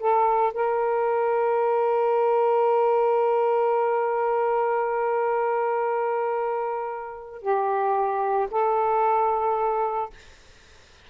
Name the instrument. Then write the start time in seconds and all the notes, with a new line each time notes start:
saxophone
0.00 A4
0.54 A#4
7.42 G4
8.51 A4